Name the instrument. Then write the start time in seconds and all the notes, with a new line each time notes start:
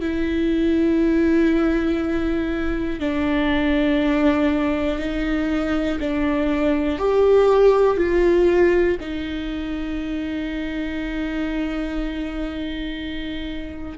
viola
0.00 E4
3.00 D4
4.99 D#4
6.00 D4
6.99 G4
7.97 F4
9.00 D#4